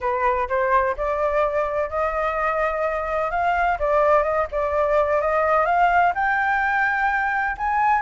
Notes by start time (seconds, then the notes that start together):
0.01 B4
0.49 C5
0.96 D5
1.89 D#5
3.30 F5
3.79 D5
4.23 D#5
4.51 D5
5.21 D#5
5.65 F5
6.14 G5
7.57 G#5